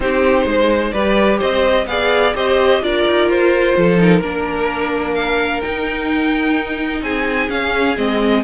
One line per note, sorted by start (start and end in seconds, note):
0.00 0.45 C4
0.00 0.94 D#4
0.00 0.46 G4
0.00 0.91 C5
0.45 0.92 G#3
0.45 0.92 C5
0.91 1.40 G3
0.91 1.88 G4
0.91 1.38 B4
0.91 1.38 D5
1.38 1.86 C4
1.38 1.85 C5
1.38 1.87 D#5
1.86 2.33 B3
1.86 2.34 G#4
1.86 2.35 D5
1.86 2.33 F5
2.34 2.81 C4
2.34 2.81 G4
2.34 2.82 C5
2.34 2.83 D#5
2.81 3.05 D4
2.81 3.98 F4
2.81 3.76 A#4
2.81 3.29 D5
3.07 3.28 D#4
3.28 3.75 F4
3.28 4.00 C5
3.77 4.21 F3
3.77 4.21 A4
3.98 4.21 D#4
3.98 5.14 A#4
4.21 5.61 A#3
4.21 5.62 D4
4.21 7.02 A#4
5.14 5.60 F5
5.60 7.49 D#4
5.60 7.01 D#4
5.60 7.01 G5
7.01 7.48 C4
7.01 8.43 G#4
7.01 7.49 G#5
7.49 7.96 C#4
7.49 7.96 F5
7.97 8.43 G#3
7.97 8.43 C4
7.97 8.43 D#5